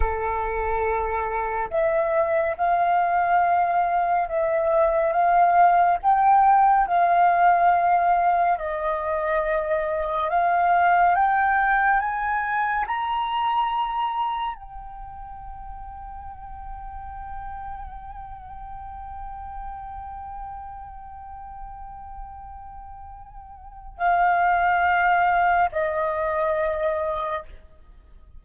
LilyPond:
\new Staff \with { instrumentName = "flute" } { \time 4/4 \tempo 4 = 70 a'2 e''4 f''4~ | f''4 e''4 f''4 g''4 | f''2 dis''2 | f''4 g''4 gis''4 ais''4~ |
ais''4 g''2.~ | g''1~ | g''1 | f''2 dis''2 | }